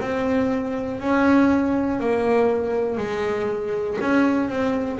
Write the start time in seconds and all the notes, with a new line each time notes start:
0.00 C4
1.00 C#4
2.00 A#3
2.97 G#3
4.00 C#4
4.49 C4